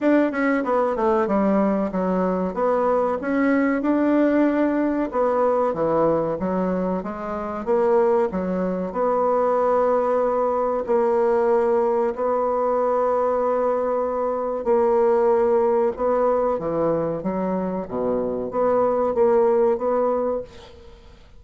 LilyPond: \new Staff \with { instrumentName = "bassoon" } { \time 4/4 \tempo 4 = 94 d'8 cis'8 b8 a8 g4 fis4 | b4 cis'4 d'2 | b4 e4 fis4 gis4 | ais4 fis4 b2~ |
b4 ais2 b4~ | b2. ais4~ | ais4 b4 e4 fis4 | b,4 b4 ais4 b4 | }